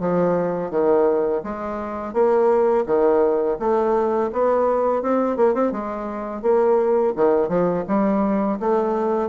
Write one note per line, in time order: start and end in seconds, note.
0.00 0.71 F3
0.71 1.42 D#3
1.44 2.13 G#3
2.13 2.85 A#3
2.86 3.57 D#3
3.59 4.31 A3
4.32 5.02 B3
5.02 5.36 C4
5.36 5.54 A#3
5.54 5.72 C4
5.72 6.43 G#3
6.43 7.14 A#3
7.16 7.49 D#3
7.49 7.84 F3
7.88 8.59 G3
8.60 9.29 A3